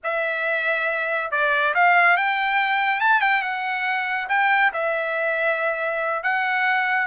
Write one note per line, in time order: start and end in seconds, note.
0.03 1.31 E5
1.31 1.74 D5
1.74 2.16 F5
2.16 3.00 G5
3.00 3.21 A5
3.21 3.41 G5
3.41 4.27 F#5
4.28 4.71 G5
4.73 6.23 E5
6.23 7.07 F#5